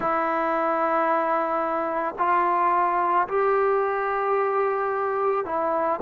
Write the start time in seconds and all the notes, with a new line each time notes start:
0.00 E4
2.18 F4
3.27 G4
5.45 E4